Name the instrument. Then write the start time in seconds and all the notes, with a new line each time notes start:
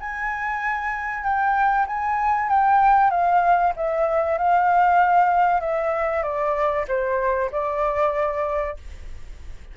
flute
0.00 G#5
1.23 G5
1.87 G#5
2.49 G5
3.10 F5
3.76 E5
4.38 F5
5.60 E5
6.22 D5
6.88 C5
7.51 D5